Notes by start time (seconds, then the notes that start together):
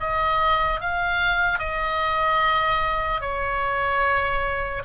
0.00 D#5
0.80 F5
1.58 D#5
3.21 C#5